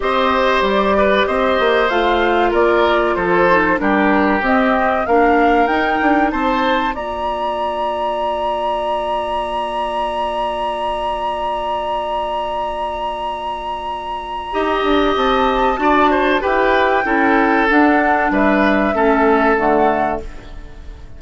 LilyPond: <<
  \new Staff \with { instrumentName = "flute" } { \time 4/4 \tempo 4 = 95 dis''4 d''4 dis''4 f''4 | d''4 c''4 ais'4 dis''4 | f''4 g''4 a''4 ais''4~ | ais''1~ |
ais''1~ | ais''1 | a''2 g''2 | fis''4 e''2 fis''4 | }
  \new Staff \with { instrumentName = "oboe" } { \time 4/4 c''4. b'8 c''2 | ais'4 a'4 g'2 | ais'2 c''4 d''4~ | d''1~ |
d''1~ | d''2. dis''4~ | dis''4 d''8 c''8 b'4 a'4~ | a'4 b'4 a'2 | }
  \new Staff \with { instrumentName = "clarinet" } { \time 4/4 g'2. f'4~ | f'4. dis'8 d'4 c'4 | d'4 dis'2 f'4~ | f'1~ |
f'1~ | f'2. g'4~ | g'4 fis'4 g'4 e'4 | d'2 cis'4 a4 | }
  \new Staff \with { instrumentName = "bassoon" } { \time 4/4 c'4 g4 c'8 ais8 a4 | ais4 f4 g4 c'4 | ais4 dis'8 d'8 c'4 ais4~ | ais1~ |
ais1~ | ais2. dis'8 d'8 | c'4 d'4 e'4 cis'4 | d'4 g4 a4 d4 | }
>>